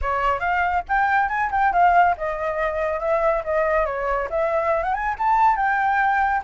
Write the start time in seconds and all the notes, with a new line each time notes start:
0.01 C#5
0.39 F5
0.88 G5
1.29 G#5
1.51 G5
1.72 F5
2.17 D#5
3.00 E5
3.44 D#5
3.85 C#5
4.30 E5
4.83 F#5
4.94 G#5
5.18 A5
5.56 G5